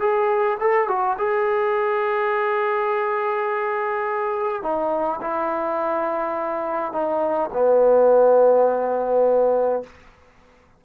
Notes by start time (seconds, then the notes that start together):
0.00 G#4
0.60 A4
0.88 F#4
1.18 G#4
4.62 D#4
5.21 E4
6.92 D#4
7.52 B3